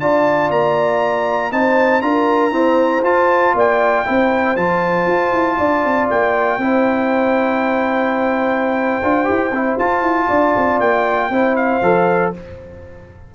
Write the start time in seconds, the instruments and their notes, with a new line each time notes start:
0.00 tuba D4, trombone F4, horn D5, trumpet A5
0.50 tuba A#3, trumpet A#5
1.51 tuba C4, trombone D#4, horn C5, trumpet A5
2.01 tuba D4, trombone F4, horn A#4, trumpet A#5
2.51 trombone C4, tuba E4, horn C5
3.03 tuba F4, trombone F4, trumpet A5
3.54 tuba A#3, horn D5, trumpet G5
4.06 tuba C4, trombone E4, horn C5
4.56 tuba F3, trombone F4, trumpet A5
5.07 tuba F4
5.33 tuba E4
5.58 tuba D4, horn D5
5.85 tuba C4
6.10 tuba A#3, trumpet G5
6.58 tuba C4, trombone E4, horn C5
9.02 tuba D4, trombone F4
9.25 tuba E4, trombone G4
9.51 tuba C4, trombone E4
9.78 tuba F4, trombone F4, trumpet A5
10.01 tuba E4
10.28 tuba D4, horn D5
10.56 tuba C4
10.80 tuba A#3, trumpet G5
11.30 tuba C4, trombone E4, horn C5
11.56 trumpet F5
11.82 tuba F3, trombone A4